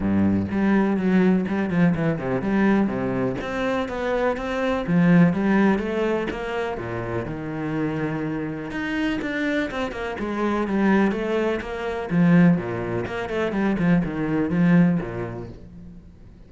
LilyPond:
\new Staff \with { instrumentName = "cello" } { \time 4/4 \tempo 4 = 124 g,4 g4 fis4 g8 f8 | e8 c8 g4 c4 c'4 | b4 c'4 f4 g4 | a4 ais4 ais,4 dis4~ |
dis2 dis'4 d'4 | c'8 ais8 gis4 g4 a4 | ais4 f4 ais,4 ais8 a8 | g8 f8 dis4 f4 ais,4 | }